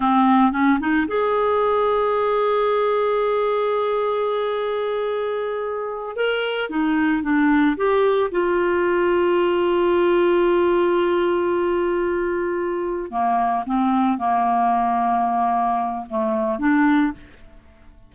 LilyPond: \new Staff \with { instrumentName = "clarinet" } { \time 4/4 \tempo 4 = 112 c'4 cis'8 dis'8 gis'2~ | gis'1~ | gis'2.~ gis'8 ais'8~ | ais'8 dis'4 d'4 g'4 f'8~ |
f'1~ | f'1~ | f'8 ais4 c'4 ais4.~ | ais2 a4 d'4 | }